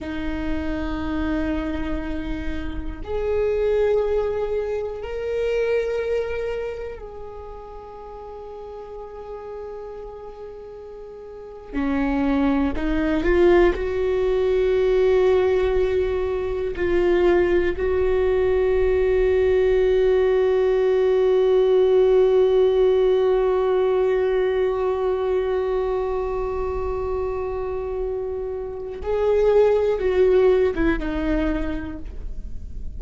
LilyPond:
\new Staff \with { instrumentName = "viola" } { \time 4/4 \tempo 4 = 60 dis'2. gis'4~ | gis'4 ais'2 gis'4~ | gis'2.~ gis'8. cis'16~ | cis'8. dis'8 f'8 fis'2~ fis'16~ |
fis'8. f'4 fis'2~ fis'16~ | fis'1~ | fis'1~ | fis'4 gis'4 fis'8. e'16 dis'4 | }